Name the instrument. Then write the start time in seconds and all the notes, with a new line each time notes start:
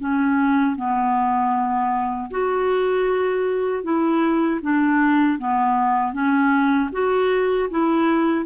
clarinet
0.00 C#4
0.76 B3
2.31 F#4
3.84 E4
4.62 D4
5.39 B3
6.13 C#4
6.93 F#4
7.71 E4